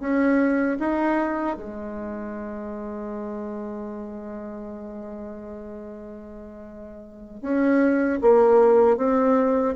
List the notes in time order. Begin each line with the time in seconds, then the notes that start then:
0.00 C#4
0.79 D#4
1.57 G#3
7.42 C#4
8.21 A#3
8.97 C4